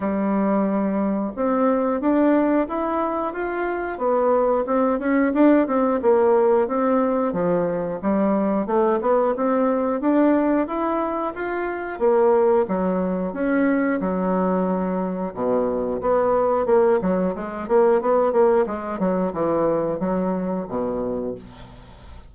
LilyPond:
\new Staff \with { instrumentName = "bassoon" } { \time 4/4 \tempo 4 = 90 g2 c'4 d'4 | e'4 f'4 b4 c'8 cis'8 | d'8 c'8 ais4 c'4 f4 | g4 a8 b8 c'4 d'4 |
e'4 f'4 ais4 fis4 | cis'4 fis2 b,4 | b4 ais8 fis8 gis8 ais8 b8 ais8 | gis8 fis8 e4 fis4 b,4 | }